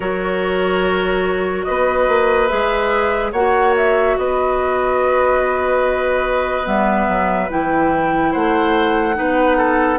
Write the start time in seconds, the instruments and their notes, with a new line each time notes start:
0.00 bassoon F#3, clarinet F#4, oboe A#4, flute C#5
1.64 bassoon B3, oboe B4, flute D#5
2.07 bassoon A#3
2.47 bassoon G#3, clarinet G#4, flute E5
3.32 bassoon A#3, clarinet F#4, oboe C#5, flute F#5
3.76 flute E5
4.17 bassoon B3, oboe B4, flute D#5
6.64 bassoon G3, clarinet B3, flute E5
7.07 bassoon F#3
7.49 bassoon E3, clarinet E4, flute G5
8.31 bassoon A3, oboe C5, flute F#5
9.14 bassoon B3, clarinet D#4, oboe B4
9.57 oboe A4